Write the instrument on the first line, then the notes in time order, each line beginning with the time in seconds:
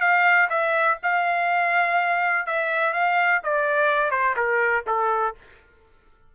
trumpet
0.00 F5
0.50 E5
1.03 F5
2.46 E5
2.93 F5
3.43 D5
4.10 C5
4.36 A#4
4.86 A4